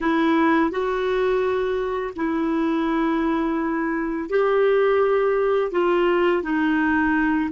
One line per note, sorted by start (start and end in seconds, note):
0.00 0.70 E4
0.70 2.13 F#4
2.16 4.29 E4
4.29 5.71 G4
5.71 6.43 F4
6.43 7.50 D#4